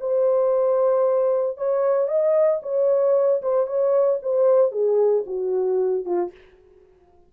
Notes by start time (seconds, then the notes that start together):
0.00 C5
1.57 C#5
2.08 D#5
2.62 C#5
3.42 C5
3.67 C#5
4.22 C5
4.71 G#4
5.26 F#4
6.05 F4